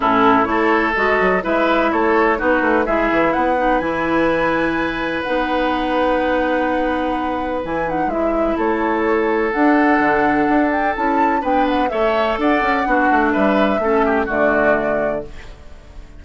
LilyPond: <<
  \new Staff \with { instrumentName = "flute" } { \time 4/4 \tempo 4 = 126 a'4 cis''4 dis''4 e''4 | cis''4 b'4 e''4 fis''4 | gis''2. fis''4~ | fis''1 |
gis''8 fis''8 e''4 cis''2 | fis''2~ fis''8 g''8 a''4 | g''8 fis''8 e''4 fis''2 | e''2 d''2 | }
  \new Staff \with { instrumentName = "oboe" } { \time 4/4 e'4 a'2 b'4 | a'4 fis'4 gis'4 b'4~ | b'1~ | b'1~ |
b'2 a'2~ | a'1 | b'4 cis''4 d''4 fis'4 | b'4 a'8 g'8 fis'2 | }
  \new Staff \with { instrumentName = "clarinet" } { \time 4/4 cis'4 e'4 fis'4 e'4~ | e'4 dis'4 e'4. dis'8 | e'2. dis'4~ | dis'1 |
e'8 dis'8 e'2. | d'2. e'4 | d'4 a'2 d'4~ | d'4 cis'4 a2 | }
  \new Staff \with { instrumentName = "bassoon" } { \time 4/4 a,4 a4 gis8 fis8 gis4 | a4 b8 a8 gis8 e8 b4 | e2. b4~ | b1 |
e4 gis4 a2 | d'4 d4 d'4 cis'4 | b4 a4 d'8 cis'8 b8 a8 | g4 a4 d2 | }
>>